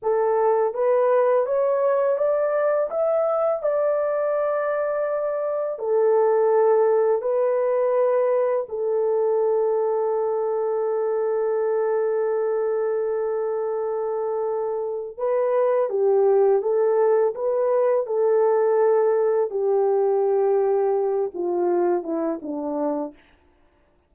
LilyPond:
\new Staff \with { instrumentName = "horn" } { \time 4/4 \tempo 4 = 83 a'4 b'4 cis''4 d''4 | e''4 d''2. | a'2 b'2 | a'1~ |
a'1~ | a'4 b'4 g'4 a'4 | b'4 a'2 g'4~ | g'4. f'4 e'8 d'4 | }